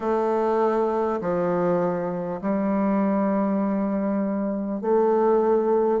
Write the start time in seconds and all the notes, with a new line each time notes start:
0.00 A3
1.20 F3
2.41 G3
4.81 A3